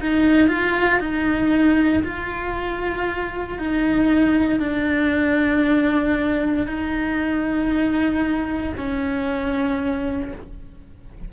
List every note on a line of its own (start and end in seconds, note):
0.00 0.48 D#4
0.48 0.99 F4
1.00 2.03 D#4
2.03 3.58 F4
3.58 4.59 D#4
4.59 6.66 D4
6.66 8.73 D#4
8.77 10.32 C#4